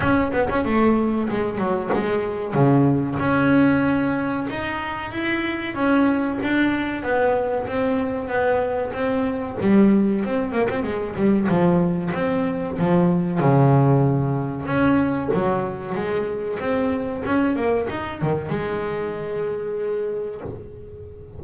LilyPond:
\new Staff \with { instrumentName = "double bass" } { \time 4/4 \tempo 4 = 94 cis'8 b16 cis'16 a4 gis8 fis8 gis4 | cis4 cis'2 dis'4 | e'4 cis'4 d'4 b4 | c'4 b4 c'4 g4 |
c'8 ais16 c'16 gis8 g8 f4 c'4 | f4 cis2 cis'4 | fis4 gis4 c'4 cis'8 ais8 | dis'8 dis8 gis2. | }